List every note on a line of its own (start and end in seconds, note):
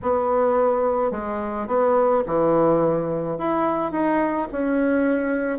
0.02 1.11 B3
1.11 1.67 G#3
1.67 2.23 B3
2.26 3.37 E3
3.37 3.91 E4
3.91 4.47 D#4
4.51 5.58 C#4